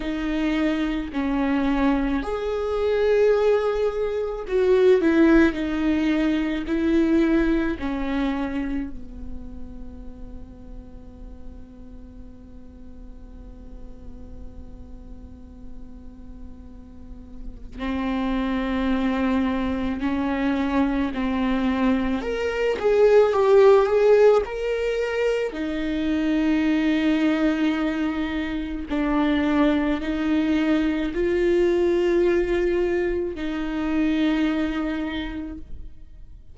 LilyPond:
\new Staff \with { instrumentName = "viola" } { \time 4/4 \tempo 4 = 54 dis'4 cis'4 gis'2 | fis'8 e'8 dis'4 e'4 cis'4 | b1~ | b1 |
c'2 cis'4 c'4 | ais'8 gis'8 g'8 gis'8 ais'4 dis'4~ | dis'2 d'4 dis'4 | f'2 dis'2 | }